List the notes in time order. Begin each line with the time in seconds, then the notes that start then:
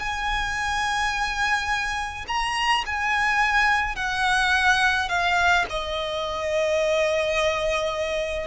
0.00 G#5
2.28 A#5
2.87 G#5
3.96 F#5
5.09 F5
5.70 D#5